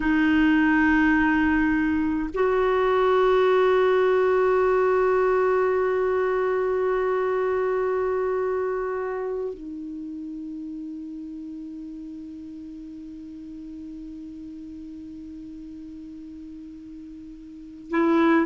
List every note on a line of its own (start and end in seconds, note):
0.00 2.29 D#4
2.34 9.53 F#4
9.53 17.90 D#4
17.90 18.46 E4